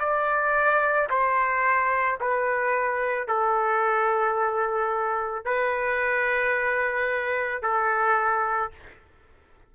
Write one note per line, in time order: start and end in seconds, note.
0.00 1.09 D5
1.10 2.19 C5
2.21 3.28 B4
3.28 5.45 A4
5.45 7.63 B4
7.63 8.72 A4